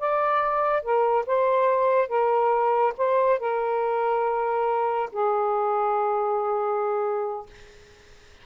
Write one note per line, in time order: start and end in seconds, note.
0.00 0.83 D5
0.83 1.26 A#4
1.26 2.09 C5
2.09 2.94 A#4
2.98 3.40 C5
3.40 5.10 A#4
5.13 7.47 G#4